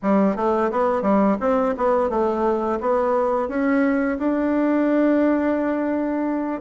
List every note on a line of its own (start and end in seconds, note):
0.02 0.36 G3
0.36 0.70 A3
0.71 1.02 B3
1.02 1.37 G3
1.40 1.74 C4
1.77 2.09 B3
2.09 2.79 A3
2.80 3.48 B3
3.48 4.18 C#4
4.18 6.61 D4